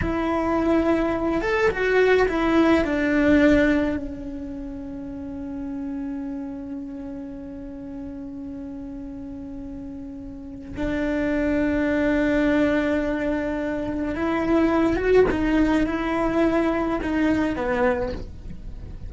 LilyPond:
\new Staff \with { instrumentName = "cello" } { \time 4/4 \tempo 4 = 106 e'2~ e'8 a'8 fis'4 | e'4 d'2 cis'4~ | cis'1~ | cis'1~ |
cis'2. d'4~ | d'1~ | d'4 e'4. fis'8 dis'4 | e'2 dis'4 b4 | }